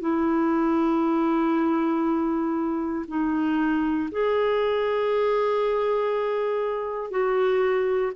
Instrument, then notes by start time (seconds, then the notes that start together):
clarinet
0.00 E4
3.07 D#4
4.11 G#4
7.10 F#4